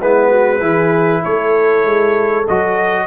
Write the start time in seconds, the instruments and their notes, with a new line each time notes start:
0.00 tuba G#3, trombone B3, horn E4, trumpet B4
0.29 horn F#4
0.61 tuba E3, trombone E4, horn G#4
1.23 tuba A3, horn A4, trumpet C#5
1.85 tuba G#3
2.48 tuba F#3, trombone F#4, trumpet D#5